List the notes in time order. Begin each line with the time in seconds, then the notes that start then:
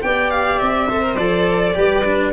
0.00 B3 G4 D5 G5
0.30 F5
0.58 C4 E5
0.89 A4 C5
1.02 A#4
1.15 F3 A4 D5
1.74 G3 G4 B4
2.04 D4